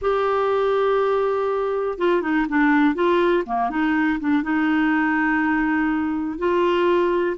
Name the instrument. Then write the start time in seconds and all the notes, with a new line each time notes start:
clarinet
0.01 G4
1.98 F4
2.22 D#4
2.48 D4
2.94 F4
3.46 A#3
3.70 D#4
4.20 D4
4.42 D#4
6.38 F4